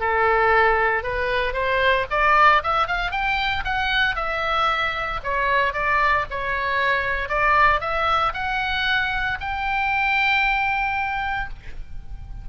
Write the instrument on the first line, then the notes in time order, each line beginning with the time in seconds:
oboe
0.00 A4
1.03 B4
1.53 C5
2.10 D5
2.63 E5
2.87 F5
3.11 G5
3.64 F#5
4.15 E5
5.24 C#5
5.73 D5
6.30 C#5
7.29 D5
7.81 E5
8.34 F#5
9.41 G5